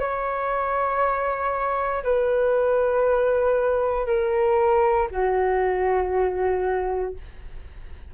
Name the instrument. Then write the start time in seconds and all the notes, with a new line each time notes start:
flute
0.00 C#5
2.04 B4
4.07 A#4
5.11 F#4